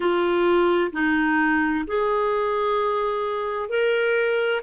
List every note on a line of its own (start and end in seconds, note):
0.00 0.91 F4
0.92 1.84 D#4
1.87 3.69 G#4
3.69 4.61 A#4